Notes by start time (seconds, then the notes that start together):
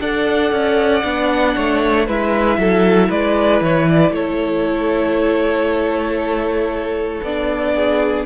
0.00 D4 A4 D5 F#5
0.52 C#4
1.04 B3 D4
1.55 A3 C#5
2.07 G#3 E4 B4 E5
2.58 F#3 A4
3.09 G#3 B4 D5
3.61 E3 C#5
3.89 D5
4.10 A3 A4 C#5
7.22 B3 D4 D5
7.74 G#4